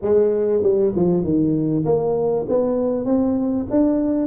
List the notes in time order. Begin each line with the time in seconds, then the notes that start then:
0.02 G#3
0.63 G3
0.95 F3
1.23 D#3
1.85 A#3
2.48 B3
3.05 C4
3.70 D4